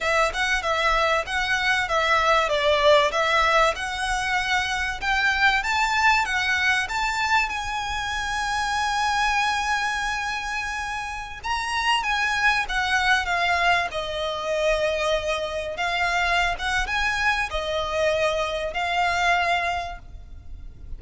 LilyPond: \new Staff \with { instrumentName = "violin" } { \time 4/4 \tempo 4 = 96 e''8 fis''8 e''4 fis''4 e''4 | d''4 e''4 fis''2 | g''4 a''4 fis''4 a''4 | gis''1~ |
gis''2~ gis''16 ais''4 gis''8.~ | gis''16 fis''4 f''4 dis''4.~ dis''16~ | dis''4~ dis''16 f''4~ f''16 fis''8 gis''4 | dis''2 f''2 | }